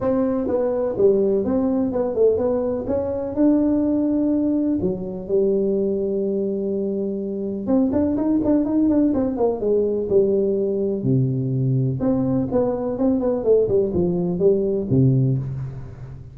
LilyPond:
\new Staff \with { instrumentName = "tuba" } { \time 4/4 \tempo 4 = 125 c'4 b4 g4 c'4 | b8 a8 b4 cis'4 d'4~ | d'2 fis4 g4~ | g1 |
c'8 d'8 dis'8 d'8 dis'8 d'8 c'8 ais8 | gis4 g2 c4~ | c4 c'4 b4 c'8 b8 | a8 g8 f4 g4 c4 | }